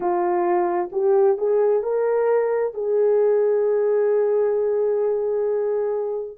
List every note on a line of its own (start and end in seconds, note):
0.00 0.89 F4
0.92 1.37 G4
1.37 1.83 G#4
1.83 2.74 A#4
2.74 6.37 G#4